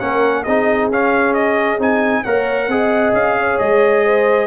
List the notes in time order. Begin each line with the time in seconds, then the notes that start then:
0.00 A#3 C#4 A#4 F#5
0.43 C4 D#4 G#4 D#5
0.91 C#4 F5
1.34 D#5
1.79 C4 D#4 G#5
2.24 A#3 A#4 C#5 F#5
2.68 C4 G#4 D#5
3.13 C#4 F5
3.38 C#5
3.59 G#3 D#5
4.05 C5